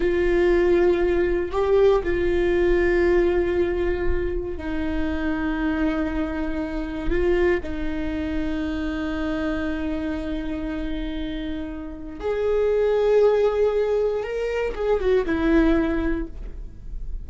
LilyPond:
\new Staff \with { instrumentName = "viola" } { \time 4/4 \tempo 4 = 118 f'2. g'4 | f'1~ | f'4 dis'2.~ | dis'2 f'4 dis'4~ |
dis'1~ | dis'1 | gis'1 | ais'4 gis'8 fis'8 e'2 | }